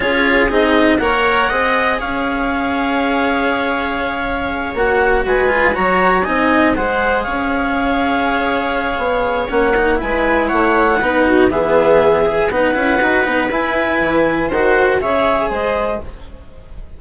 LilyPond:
<<
  \new Staff \with { instrumentName = "clarinet" } { \time 4/4 \tempo 4 = 120 cis''4 dis''4 fis''2 | f''1~ | f''4. fis''4 gis''4 ais''8~ | ais''8 gis''4 fis''4 f''4.~ |
f''2. fis''4 | gis''4 fis''2 e''4~ | e''4 fis''2 gis''4~ | gis''4 fis''4 e''4 dis''4 | }
  \new Staff \with { instrumentName = "viola" } { \time 4/4 gis'2 cis''4 dis''4 | cis''1~ | cis''2~ cis''8 b'4 cis''8~ | cis''8 dis''4 c''4 cis''4.~ |
cis''1 | b'4 cis''4 b'8 fis'8 gis'4~ | gis'4 b'2.~ | b'4 c''4 cis''4 c''4 | }
  \new Staff \with { instrumentName = "cello" } { \time 4/4 f'4 dis'4 ais'4 gis'4~ | gis'1~ | gis'4. fis'4. f'8 fis'8~ | fis'8 dis'4 gis'2~ gis'8~ |
gis'2. cis'8 dis'8 | e'2 dis'4 b4~ | b8 gis'8 dis'8 e'8 fis'8 dis'8 e'4~ | e'4 fis'4 gis'2 | }
  \new Staff \with { instrumentName = "bassoon" } { \time 4/4 cis'4 c'4 ais4 c'4 | cis'1~ | cis'4. ais4 gis4 fis8~ | fis8 c'4 gis4 cis'4.~ |
cis'2 b4 ais4 | gis4 a4 b4 e4~ | e4 b8 cis'8 dis'8 b8 e'4 | e4 dis4 cis4 gis4 | }
>>